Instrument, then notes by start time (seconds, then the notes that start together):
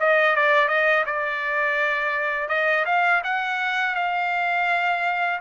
trumpet
0.00 D#5
0.36 D5
0.68 D#5
1.06 D5
2.49 D#5
2.86 F5
3.24 F#5
3.95 F5